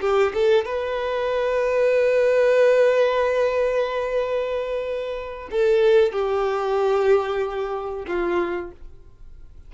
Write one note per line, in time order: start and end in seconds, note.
0.00 0.32 G4
0.33 0.65 A4
0.65 5.49 B4
5.51 6.12 A4
6.12 8.06 G4
8.07 8.71 F4